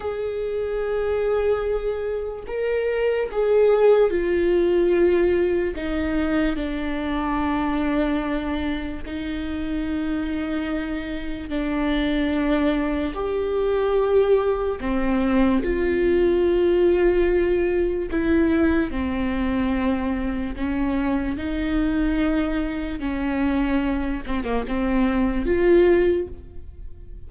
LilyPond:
\new Staff \with { instrumentName = "viola" } { \time 4/4 \tempo 4 = 73 gis'2. ais'4 | gis'4 f'2 dis'4 | d'2. dis'4~ | dis'2 d'2 |
g'2 c'4 f'4~ | f'2 e'4 c'4~ | c'4 cis'4 dis'2 | cis'4. c'16 ais16 c'4 f'4 | }